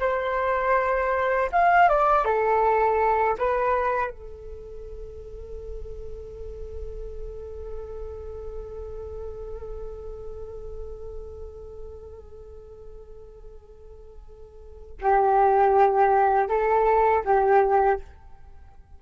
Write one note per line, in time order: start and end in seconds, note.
0.00 1.50 C5
1.52 1.89 F5
1.89 2.25 D5
2.25 3.37 A4
3.38 4.10 B4
4.10 14.98 A4
15.01 16.49 G4
16.49 17.24 A4
17.25 18.00 G4